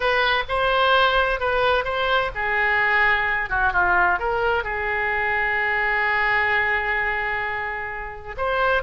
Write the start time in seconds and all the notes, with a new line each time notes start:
0.00 B4
0.48 C5
1.40 B4
1.84 C5
2.35 G#4
3.49 F#4
3.73 F4
4.19 A#4
4.63 G#4
8.37 C5